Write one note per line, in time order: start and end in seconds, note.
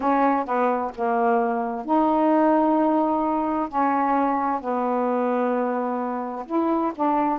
0.00 0.45 C#4
0.45 0.91 B3
0.95 1.85 A#3
1.85 3.68 D#4
3.68 4.61 C#4
4.61 6.45 B3
6.46 6.92 E4
6.95 7.38 D4